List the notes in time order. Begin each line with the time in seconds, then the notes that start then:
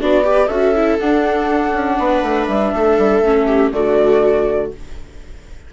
0.00 B3 D4 F#4 D5
0.24 G4 B4
0.47 C#4 F#4 A4 E5
0.75 E4
0.99 D4 F#5
1.73 C#4
1.99 B3 B4
2.22 A3
2.47 G3 E5
2.74 A3 A4
2.98 G3
3.21 A3 C#4
3.46 G4
3.72 D3 A3 F#4 D5